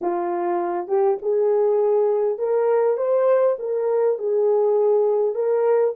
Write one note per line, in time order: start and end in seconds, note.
0.01 0.87 F4
0.87 1.17 G4
1.22 2.38 G#4
2.38 2.97 A#4
2.97 3.56 C5
3.58 4.18 A#4
4.18 5.34 G#4
5.34 5.94 A#4